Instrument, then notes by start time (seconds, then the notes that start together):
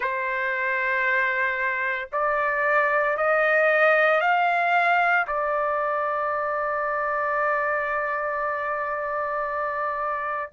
trumpet
0.00 C5
2.12 D5
3.17 D#5
4.21 F5
5.27 D5